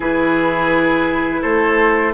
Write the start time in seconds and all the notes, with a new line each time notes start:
0.00 E3 E4 G#4 B4
1.41 A3 A4 C5